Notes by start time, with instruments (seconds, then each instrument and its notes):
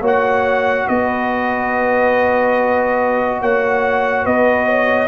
0.00 tuba A#3, trombone F#4, horn C#5
0.06 trumpet F#5
0.87 tuba B3, horn B4, trumpet D#5
3.40 tuba A#3, horn C#5, trumpet F#5
4.24 tuba B3, horn B4, trumpet D#5
4.66 horn C#5